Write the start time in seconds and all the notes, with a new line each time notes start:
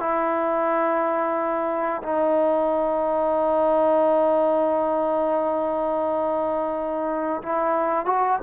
0.00 E4
2.03 D#4
7.42 E4
8.06 F#4